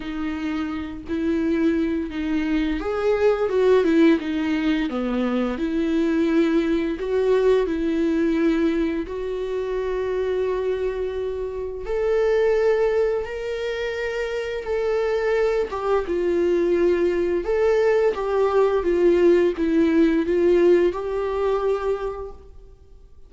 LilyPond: \new Staff \with { instrumentName = "viola" } { \time 4/4 \tempo 4 = 86 dis'4. e'4. dis'4 | gis'4 fis'8 e'8 dis'4 b4 | e'2 fis'4 e'4~ | e'4 fis'2.~ |
fis'4 a'2 ais'4~ | ais'4 a'4. g'8 f'4~ | f'4 a'4 g'4 f'4 | e'4 f'4 g'2 | }